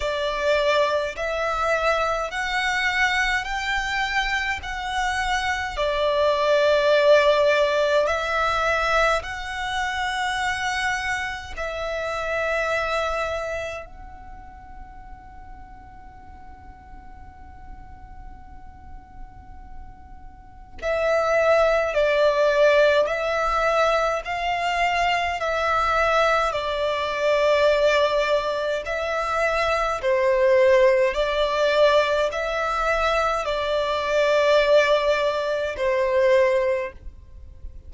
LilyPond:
\new Staff \with { instrumentName = "violin" } { \time 4/4 \tempo 4 = 52 d''4 e''4 fis''4 g''4 | fis''4 d''2 e''4 | fis''2 e''2 | fis''1~ |
fis''2 e''4 d''4 | e''4 f''4 e''4 d''4~ | d''4 e''4 c''4 d''4 | e''4 d''2 c''4 | }